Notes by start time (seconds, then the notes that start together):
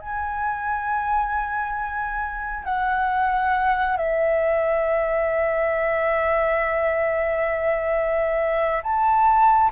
0.00 G#5
2.65 F#5
3.97 E5
8.83 A5